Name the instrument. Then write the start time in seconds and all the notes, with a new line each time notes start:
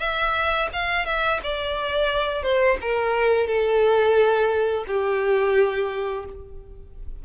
violin
0.00 E5
0.73 F5
1.06 E5
1.43 D5
2.43 C5
2.82 A#4
3.47 A4
4.87 G4